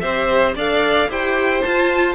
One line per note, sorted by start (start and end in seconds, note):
0.00 0.55 C4
0.00 0.56 G4
0.00 0.55 C5
0.00 0.54 E5
0.55 1.08 D4
0.55 1.10 A4
0.55 1.09 D5
0.55 1.11 F5
1.09 1.62 E4
1.09 1.63 G4
1.09 2.15 C5
1.09 1.62 G5
1.62 2.15 F4
1.62 2.15 A5